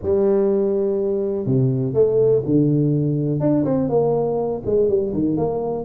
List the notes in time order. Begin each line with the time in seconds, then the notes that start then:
0.02 G3
1.46 C3
1.93 A3
2.45 D3
3.39 D4
3.65 C4
3.89 A#3
4.65 G#3
4.88 G3
5.13 D#3
5.36 A#3